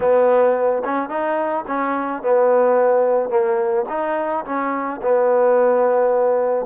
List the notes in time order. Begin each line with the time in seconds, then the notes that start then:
0.00 B3
0.84 C#4
1.09 D#4
1.67 C#4
2.22 B3
3.29 A#3
3.89 D#4
4.45 C#4
5.02 B3